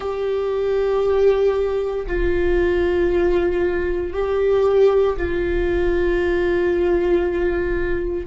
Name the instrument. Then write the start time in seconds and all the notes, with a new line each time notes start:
viola
0.00 G4
2.06 F4
4.13 G4
5.17 F4